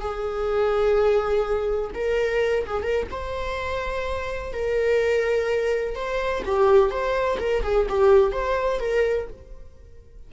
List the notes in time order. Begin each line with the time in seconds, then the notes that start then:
0.00 G#4
1.94 A#4
2.66 G#4
2.82 A#4
3.11 C5
4.52 A#4
5.95 C5
6.45 G4
6.90 C5
7.39 A#4
7.63 G#4
7.88 G4
8.32 C5
8.79 A#4